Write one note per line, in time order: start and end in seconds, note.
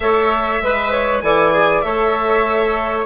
0.00 0.60 A3
0.00 0.62 A4
0.00 0.62 C#5
0.00 1.19 E5
0.61 1.22 G#3
0.61 0.91 B4
0.61 1.23 B4
0.91 1.22 C#5
1.21 1.83 E3
1.21 1.52 A4
1.21 1.85 D5
1.21 1.81 G#5
1.52 1.83 G#4
1.81 3.06 A3
1.81 3.05 A4
1.81 3.06 C#5
1.81 3.03 E5